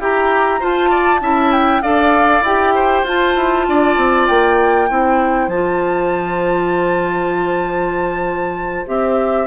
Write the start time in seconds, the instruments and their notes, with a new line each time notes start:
0.00 bassoon E4, oboe G4, clarinet G4, flute A#5
0.60 clarinet F4, bassoon F4, oboe C5, flute A5
0.90 oboe D5
1.21 bassoon C#4, clarinet E4, oboe E5
1.52 flute G5
1.83 bassoon D4, clarinet A4, oboe D5, flute F5
2.41 bassoon E4, clarinet G4, flute G5
2.75 oboe C5
3.03 bassoon F4, clarinet F4, flute A5
3.36 bassoon E4
3.68 bassoon D4, oboe D5
3.97 bassoon C4
4.28 bassoon A#3, flute G5
4.89 bassoon C4, clarinet E4, oboe C5
5.48 bassoon F3, clarinet F4, flute A5
8.86 bassoon C4, clarinet G4, flute E5